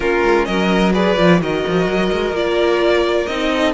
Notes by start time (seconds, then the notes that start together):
0.00 A#3 C#4 F4 A#4
0.23 G#3
0.45 F#3 A#4 D#5
0.93 G#4 B4 D5
1.17 F3 F4
1.40 D#3 F#4 A#4 D#5
1.67 F3
1.86 F#3
2.12 G#3
2.32 A#3 F4 D5
3.26 C4 D#4 D#5
3.53 A4